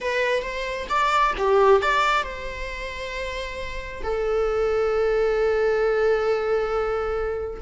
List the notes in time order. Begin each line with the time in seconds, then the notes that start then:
0.00 B4
0.42 C5
0.89 D5
1.37 G4
1.81 D5
2.23 C5
4.03 A4